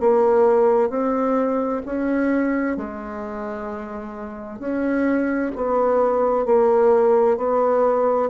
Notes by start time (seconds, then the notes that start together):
0.00 A#3
0.90 C4
1.85 C#4
2.77 G#3
4.59 C#4
5.56 B3
6.46 A#3
7.37 B3